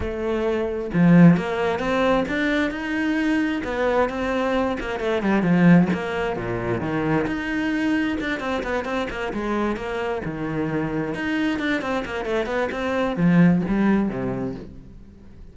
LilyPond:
\new Staff \with { instrumentName = "cello" } { \time 4/4 \tempo 4 = 132 a2 f4 ais4 | c'4 d'4 dis'2 | b4 c'4. ais8 a8 g8 | f4 ais4 ais,4 dis4 |
dis'2 d'8 c'8 b8 c'8 | ais8 gis4 ais4 dis4.~ | dis8 dis'4 d'8 c'8 ais8 a8 b8 | c'4 f4 g4 c4 | }